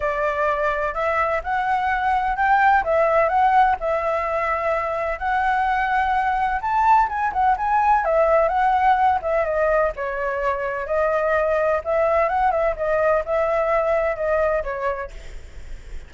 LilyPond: \new Staff \with { instrumentName = "flute" } { \time 4/4 \tempo 4 = 127 d''2 e''4 fis''4~ | fis''4 g''4 e''4 fis''4 | e''2. fis''4~ | fis''2 a''4 gis''8 fis''8 |
gis''4 e''4 fis''4. e''8 | dis''4 cis''2 dis''4~ | dis''4 e''4 fis''8 e''8 dis''4 | e''2 dis''4 cis''4 | }